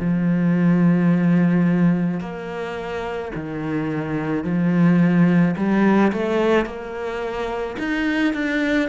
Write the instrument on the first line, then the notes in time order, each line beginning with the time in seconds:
cello
0.00 F3
2.21 A#3
3.35 D#3
4.44 F3
5.57 G3
6.13 A3
6.66 A#3
7.79 D#4
8.34 D4